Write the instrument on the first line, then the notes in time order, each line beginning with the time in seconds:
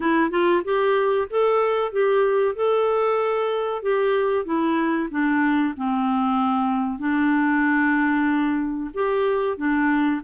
clarinet
0.00 E4
0.30 F4
0.64 G4
1.30 A4
1.92 G4
2.55 A4
3.82 G4
4.45 E4
5.10 D4
5.76 C4
6.99 D4
8.94 G4
9.57 D4